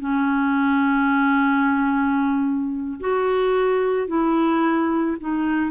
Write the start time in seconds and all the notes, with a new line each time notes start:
0.00 C#4
3.00 F#4
4.08 E4
5.21 D#4